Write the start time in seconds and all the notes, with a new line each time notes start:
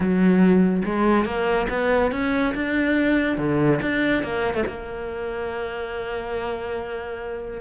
0.00 F#3
0.85 G#3
1.25 A#3
1.69 B3
2.11 C#4
2.54 D4
3.37 D3
3.81 D4
4.23 A#3
4.53 A3
4.66 A#3